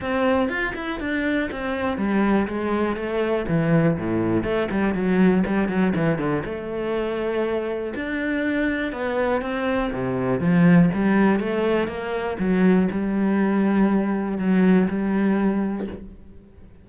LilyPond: \new Staff \with { instrumentName = "cello" } { \time 4/4 \tempo 4 = 121 c'4 f'8 e'8 d'4 c'4 | g4 gis4 a4 e4 | a,4 a8 g8 fis4 g8 fis8 | e8 d8 a2. |
d'2 b4 c'4 | c4 f4 g4 a4 | ais4 fis4 g2~ | g4 fis4 g2 | }